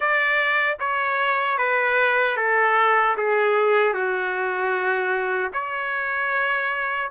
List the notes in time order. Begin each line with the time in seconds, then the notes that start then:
0.00 D5
0.79 C#5
1.58 B4
2.36 A4
3.17 G#4
3.93 F#4
5.53 C#5